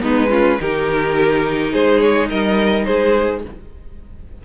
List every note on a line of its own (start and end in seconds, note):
0.00 0.59 G#3
0.00 0.28 B3
0.00 0.30 D#4
0.00 0.61 B4
0.30 0.59 C#4
0.30 0.58 F4
0.60 1.74 D#3
0.60 3.44 D#4
0.60 1.72 G4
0.60 1.73 A#4
1.72 2.30 G#3
1.72 2.29 G#4
1.72 2.00 C5
2.00 2.28 C#5
2.29 2.87 G3
2.29 2.86 A#4
2.29 2.84 D#5
2.84 3.45 G#3
2.84 3.43 G#4
2.84 3.41 C5